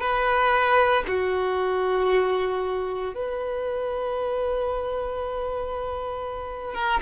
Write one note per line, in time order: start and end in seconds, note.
0.00 1.03 B4
1.07 3.14 F#4
3.14 6.74 B4
6.74 7.00 A#4